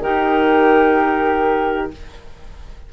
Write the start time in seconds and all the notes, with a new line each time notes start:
0.00 D#3 D#4 G4 A#4